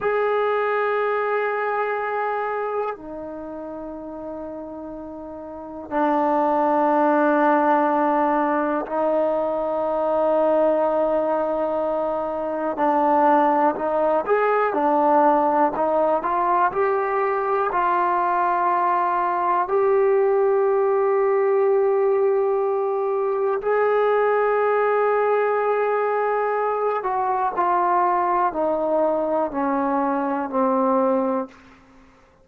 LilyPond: \new Staff \with { instrumentName = "trombone" } { \time 4/4 \tempo 4 = 61 gis'2. dis'4~ | dis'2 d'2~ | d'4 dis'2.~ | dis'4 d'4 dis'8 gis'8 d'4 |
dis'8 f'8 g'4 f'2 | g'1 | gis'2.~ gis'8 fis'8 | f'4 dis'4 cis'4 c'4 | }